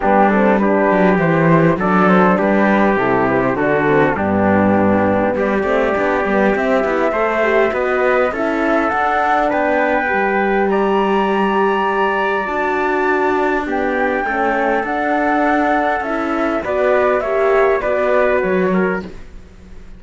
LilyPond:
<<
  \new Staff \with { instrumentName = "flute" } { \time 4/4 \tempo 4 = 101 g'8 a'8 b'4 c''4 d''8 c''8 | b'4 a'8 b'16 c''16 a'4 g'4~ | g'4 d''2 e''4~ | e''4 dis''4 e''4 fis''4 |
g''2 ais''2~ | ais''4 a''2 g''4~ | g''4 fis''2 e''4 | d''4 e''4 d''4 cis''4 | }
  \new Staff \with { instrumentName = "trumpet" } { \time 4/4 d'4 g'2 a'4 | g'2 fis'4 d'4~ | d'4 g'2. | c''4 b'4 a'2 |
b'2 d''2~ | d''2. g'4 | a'1 | b'4 cis''4 b'4. ais'8 | }
  \new Staff \with { instrumentName = "horn" } { \time 4/4 b8 c'8 d'4 e'4 d'4~ | d'4 e'4 d'8 c'8 b4~ | b4. c'8 d'8 b8 c'8 e'8 | a'8 g'8 fis'4 e'4 d'4~ |
d'4 g'2.~ | g'4 fis'2 b4 | cis'4 d'2 e'4 | fis'4 g'4 fis'2 | }
  \new Staff \with { instrumentName = "cello" } { \time 4/4 g4. fis8 e4 fis4 | g4 c4 d4 g,4~ | g,4 g8 a8 b8 g8 c'8 b8 | a4 b4 cis'4 d'4 |
b4 g2.~ | g4 d'2. | a4 d'2 cis'4 | b4 ais4 b4 fis4 | }
>>